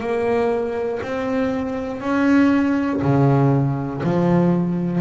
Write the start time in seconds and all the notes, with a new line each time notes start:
0.00 A#3
1.03 C4
2.01 C#4
3.01 C#3
4.03 F3